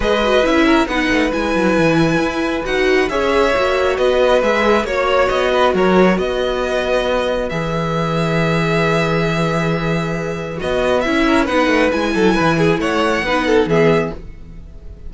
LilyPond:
<<
  \new Staff \with { instrumentName = "violin" } { \time 4/4 \tempo 4 = 136 dis''4 e''4 fis''4 gis''4~ | gis''2 fis''4 e''4~ | e''4 dis''4 e''4 cis''4 | dis''4 cis''4 dis''2~ |
dis''4 e''2.~ | e''1 | dis''4 e''4 fis''4 gis''4~ | gis''4 fis''2 e''4 | }
  \new Staff \with { instrumentName = "violin" } { \time 4/4 b'4. ais'8 b'2~ | b'2. cis''4~ | cis''4 b'2 cis''4~ | cis''8 b'8 ais'4 b'2~ |
b'1~ | b'1~ | b'4. ais'8 b'4. a'8 | b'8 gis'8 cis''4 b'8 a'8 gis'4 | }
  \new Staff \with { instrumentName = "viola" } { \time 4/4 gis'8 fis'8 e'4 dis'4 e'4~ | e'2 fis'4 gis'4 | fis'2 gis'4 fis'4~ | fis'1~ |
fis'4 gis'2.~ | gis'1 | fis'4 e'4 dis'4 e'4~ | e'2 dis'4 b4 | }
  \new Staff \with { instrumentName = "cello" } { \time 4/4 gis4 cis'4 b8 a8 gis8 fis8 | e4 e'4 dis'4 cis'4 | ais4 b4 gis4 ais4 | b4 fis4 b2~ |
b4 e2.~ | e1 | b4 cis'4 b8 a8 gis8 fis8 | e4 a4 b4 e4 | }
>>